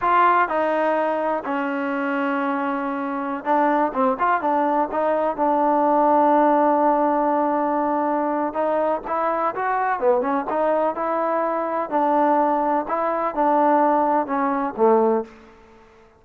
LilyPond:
\new Staff \with { instrumentName = "trombone" } { \time 4/4 \tempo 4 = 126 f'4 dis'2 cis'4~ | cis'2.~ cis'16 d'8.~ | d'16 c'8 f'8 d'4 dis'4 d'8.~ | d'1~ |
d'2 dis'4 e'4 | fis'4 b8 cis'8 dis'4 e'4~ | e'4 d'2 e'4 | d'2 cis'4 a4 | }